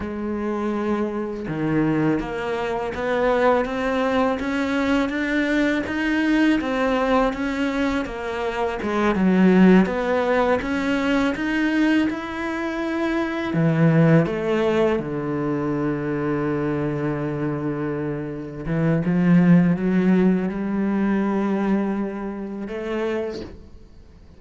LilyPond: \new Staff \with { instrumentName = "cello" } { \time 4/4 \tempo 4 = 82 gis2 dis4 ais4 | b4 c'4 cis'4 d'4 | dis'4 c'4 cis'4 ais4 | gis8 fis4 b4 cis'4 dis'8~ |
dis'8 e'2 e4 a8~ | a8 d2.~ d8~ | d4. e8 f4 fis4 | g2. a4 | }